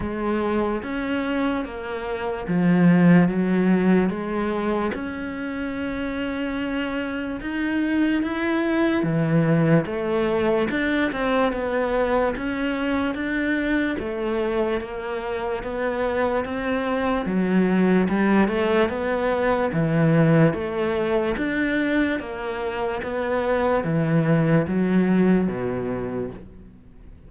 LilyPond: \new Staff \with { instrumentName = "cello" } { \time 4/4 \tempo 4 = 73 gis4 cis'4 ais4 f4 | fis4 gis4 cis'2~ | cis'4 dis'4 e'4 e4 | a4 d'8 c'8 b4 cis'4 |
d'4 a4 ais4 b4 | c'4 fis4 g8 a8 b4 | e4 a4 d'4 ais4 | b4 e4 fis4 b,4 | }